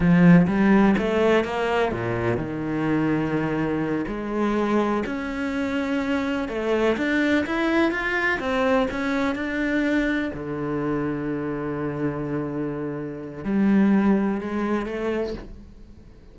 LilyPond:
\new Staff \with { instrumentName = "cello" } { \time 4/4 \tempo 4 = 125 f4 g4 a4 ais4 | ais,4 dis2.~ | dis8 gis2 cis'4.~ | cis'4. a4 d'4 e'8~ |
e'8 f'4 c'4 cis'4 d'8~ | d'4. d2~ d8~ | d1 | g2 gis4 a4 | }